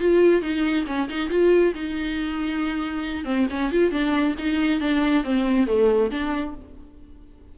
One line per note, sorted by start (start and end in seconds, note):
0.00 0.42 F4
0.42 0.86 D#4
0.87 1.09 C#4
1.09 1.30 D#4
1.30 1.74 F4
1.75 3.25 D#4
3.25 3.47 C4
3.50 3.72 C#4
3.72 3.91 F4
3.91 4.35 D4
4.39 4.81 D#4
4.81 5.24 D4
5.24 5.67 C4
5.67 6.11 A3
6.11 6.55 D4